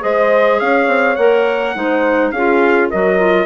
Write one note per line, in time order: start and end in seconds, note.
0.00 0.61 G#3
0.00 1.15 G#4
0.00 0.60 C5
0.00 0.60 D#5
0.60 0.87 C#4
0.60 1.75 C#5
0.60 1.16 F5
0.87 1.16 C4
1.16 1.75 A#3
1.16 1.75 A#4
1.16 2.31 F#5
1.75 2.32 G#3
1.75 2.33 D#4
1.75 2.33 C5
2.31 2.89 C#4
2.31 2.93 F4
2.31 2.89 G#4
2.31 2.89 F5
2.89 3.46 F#3
2.89 3.19 F#4
2.89 3.46 A#4
2.89 3.46 D#5
3.19 3.46 F4